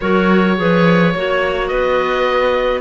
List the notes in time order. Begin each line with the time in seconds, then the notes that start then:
0.00 F#3 F#4 A#4 C#5
0.56 F3 G#4 B4
1.14 A#3 F#4 C#5
1.67 B3 B4 D#5